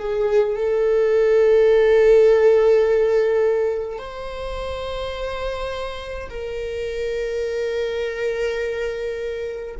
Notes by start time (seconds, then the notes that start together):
0.00 G#4
0.56 A4
3.99 C5
6.30 A#4